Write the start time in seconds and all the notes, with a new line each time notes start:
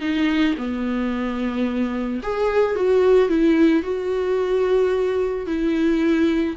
0.00 D#4
0.57 B3
2.23 G#4
2.75 F#4
3.29 E4
3.83 F#4
5.46 E4